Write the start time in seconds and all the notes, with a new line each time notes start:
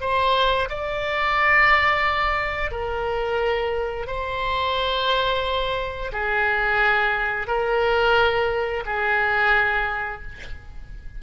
0.00 C5
0.69 D5
2.71 A#4
4.06 C5
6.12 G#4
7.47 A#4
8.85 G#4